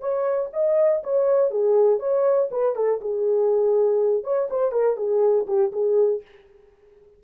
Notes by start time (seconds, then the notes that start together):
0.00 C#5
0.53 D#5
1.03 C#5
1.50 G#4
1.99 C#5
2.51 B4
2.75 A4
3.01 G#4
4.24 C#5
4.50 C5
4.71 A#4
4.97 G#4
5.47 G4
5.72 G#4